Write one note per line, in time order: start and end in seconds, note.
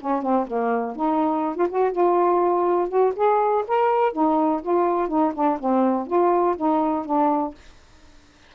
0.00 0.22 C#4
0.22 0.47 C4
0.47 0.95 A#3
0.95 1.55 D#4
1.55 1.67 F4
1.69 1.92 F#4
1.92 2.88 F4
2.88 3.13 F#4
3.16 3.64 G#4
3.67 4.12 A#4
4.12 4.61 D#4
4.62 5.08 F4
5.08 5.32 D#4
5.34 5.58 D4
5.59 6.07 C4
6.07 6.56 F4
6.56 7.05 D#4
7.05 7.54 D4